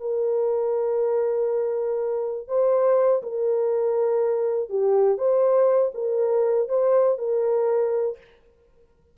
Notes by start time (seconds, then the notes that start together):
0.00 A#4
2.48 C5
3.23 A#4
4.70 G4
5.18 C5
5.94 A#4
6.69 C5
7.19 A#4